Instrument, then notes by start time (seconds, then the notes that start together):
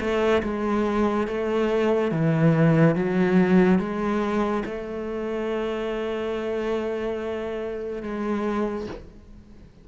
cello
0.00 A3
0.42 G#3
1.27 A3
2.11 E3
2.95 F#3
3.78 G#3
4.65 A3
8.02 G#3